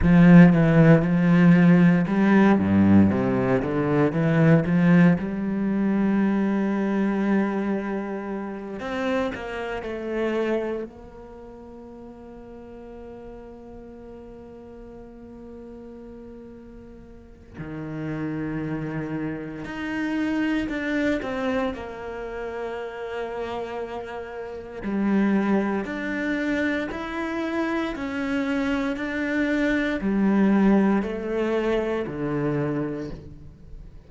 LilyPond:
\new Staff \with { instrumentName = "cello" } { \time 4/4 \tempo 4 = 58 f8 e8 f4 g8 g,8 c8 d8 | e8 f8 g2.~ | g8 c'8 ais8 a4 ais4.~ | ais1~ |
ais4 dis2 dis'4 | d'8 c'8 ais2. | g4 d'4 e'4 cis'4 | d'4 g4 a4 d4 | }